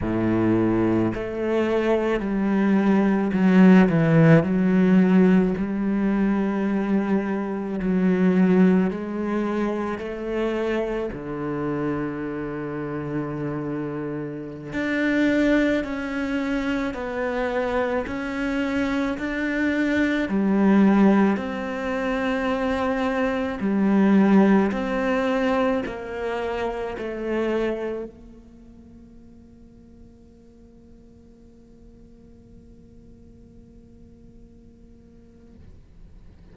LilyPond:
\new Staff \with { instrumentName = "cello" } { \time 4/4 \tempo 4 = 54 a,4 a4 g4 fis8 e8 | fis4 g2 fis4 | gis4 a4 d2~ | d4~ d16 d'4 cis'4 b8.~ |
b16 cis'4 d'4 g4 c'8.~ | c'4~ c'16 g4 c'4 ais8.~ | ais16 a4 ais2~ ais8.~ | ais1 | }